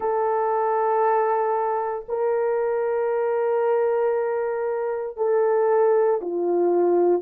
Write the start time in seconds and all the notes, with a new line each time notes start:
0.00 A4
2.08 A#4
5.17 A4
6.21 F4